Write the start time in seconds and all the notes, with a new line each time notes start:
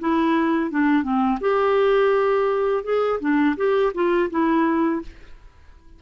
0.00 E4
0.71 D4
1.03 C4
1.41 G4
2.84 G#4
3.20 D4
3.57 G4
3.94 F4
4.31 E4